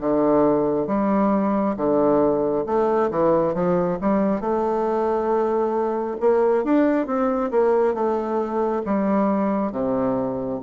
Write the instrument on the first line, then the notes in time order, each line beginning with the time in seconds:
bassoon
0.00 D3
0.87 G3
1.76 D3
2.66 A3
3.10 E3
3.54 F3
4.01 G3
4.40 A3
6.20 A#3
6.64 D4
7.07 C4
7.51 A#3
7.94 A3
8.86 G3
9.72 C3